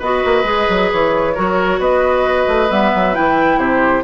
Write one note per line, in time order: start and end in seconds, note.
0.00 0.24 B3
0.00 0.45 F#4
0.00 1.34 B4
0.00 0.91 D#5
0.26 0.44 A#3
0.44 0.66 G#3
0.44 1.34 G#4
0.70 0.92 F#3
0.93 1.38 E3
0.93 1.82 C#5
1.35 1.80 F#3
1.35 2.69 F#4
1.35 1.80 A#4
1.80 2.47 B3
1.80 3.60 B4
1.80 2.71 D#5
2.48 2.71 A3
2.69 2.93 G3
2.69 3.14 B3
2.69 3.16 E5
2.95 3.17 F#3
3.14 3.57 E3
3.14 4.04 E4
3.14 3.59 G5
3.57 4.02 C3
3.57 4.04 G4
3.57 4.04 C5